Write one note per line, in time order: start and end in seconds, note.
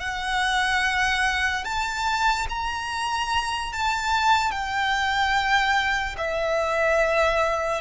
0.00 1.64 F#5
1.64 2.47 A5
2.49 3.72 A#5
3.72 4.51 A5
4.51 6.15 G5
6.17 7.81 E5